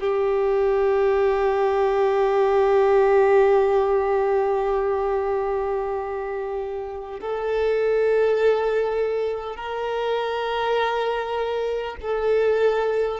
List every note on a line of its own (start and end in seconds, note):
0.00 7.20 G4
7.21 9.56 A4
9.56 11.96 A#4
12.01 13.20 A4